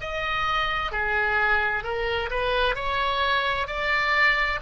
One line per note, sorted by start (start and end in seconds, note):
0.00 0.91 D#5
0.91 1.83 G#4
1.83 2.30 A#4
2.30 2.75 B4
2.75 3.67 C#5
3.67 4.59 D5